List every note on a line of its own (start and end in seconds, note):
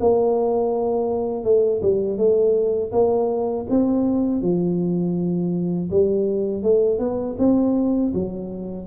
0.00 1.44 A#3
1.44 1.81 A3
1.82 2.18 G3
2.18 2.92 A3
2.92 3.66 A#3
3.70 4.42 C4
4.42 5.90 F3
5.91 6.63 G3
6.63 6.99 A3
6.99 7.36 B3
7.39 8.13 C4
8.14 8.88 F#3